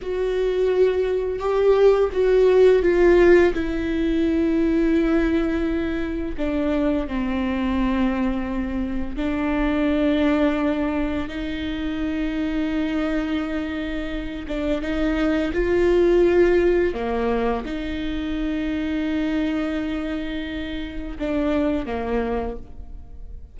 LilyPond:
\new Staff \with { instrumentName = "viola" } { \time 4/4 \tempo 4 = 85 fis'2 g'4 fis'4 | f'4 e'2.~ | e'4 d'4 c'2~ | c'4 d'2. |
dis'1~ | dis'8 d'8 dis'4 f'2 | ais4 dis'2.~ | dis'2 d'4 ais4 | }